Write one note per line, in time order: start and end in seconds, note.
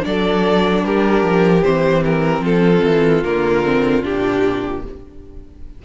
0.00 1.60 D4
0.00 0.85 D5
0.06 0.84 F#3
0.06 0.84 A4
0.84 1.23 G3
0.84 2.42 G4
0.84 1.64 A#4
1.23 1.63 F3
1.64 2.40 E3
1.64 3.24 C4
1.64 2.04 C5
2.04 2.44 A#4
2.40 2.80 F3
2.40 4.82 F4
2.40 3.24 A4
2.84 3.24 E3
3.24 4.04 D3
3.24 3.65 A#3
3.24 4.04 A#4
3.65 4.03 C4
4.03 4.85 A#2
4.03 4.83 D4
4.03 4.84 G4